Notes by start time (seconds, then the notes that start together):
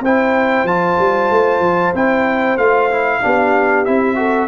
0.00 C4 E4 C5 G5
0.64 F3 F4 A5
0.98 G3
1.30 A3
1.59 F3
1.94 C4 E4 G5
2.57 A3 F4 F5
2.91 E4
3.21 B3 D4 G4
3.85 C4 E4 E5
4.15 F#4 A4